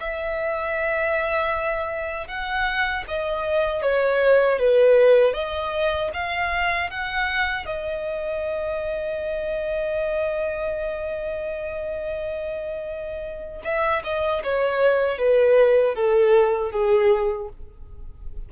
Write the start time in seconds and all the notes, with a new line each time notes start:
0.00 E5
2.28 F#5
3.08 D#5
3.82 C#5
4.59 B4
5.34 D#5
6.13 F5
6.90 F#5
7.66 D#5
13.64 E5
14.04 D#5
14.43 C#5
15.18 B4
15.95 A4
16.72 G#4